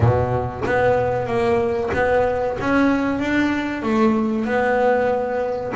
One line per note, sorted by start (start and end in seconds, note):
0.00 0.63 B2
0.65 1.26 B3
1.26 1.90 A#3
1.93 2.57 B3
2.60 3.19 C#4
3.19 3.82 D4
3.82 4.45 A3
4.45 5.72 B3